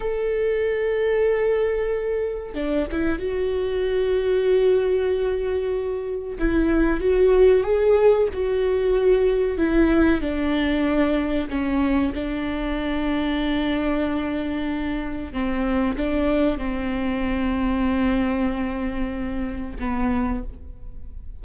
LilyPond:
\new Staff \with { instrumentName = "viola" } { \time 4/4 \tempo 4 = 94 a'1 | d'8 e'8 fis'2.~ | fis'2 e'4 fis'4 | gis'4 fis'2 e'4 |
d'2 cis'4 d'4~ | d'1 | c'4 d'4 c'2~ | c'2. b4 | }